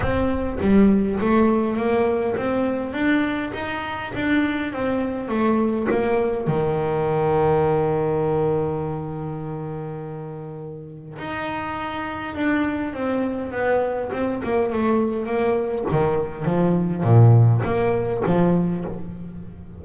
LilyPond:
\new Staff \with { instrumentName = "double bass" } { \time 4/4 \tempo 4 = 102 c'4 g4 a4 ais4 | c'4 d'4 dis'4 d'4 | c'4 a4 ais4 dis4~ | dis1~ |
dis2. dis'4~ | dis'4 d'4 c'4 b4 | c'8 ais8 a4 ais4 dis4 | f4 ais,4 ais4 f4 | }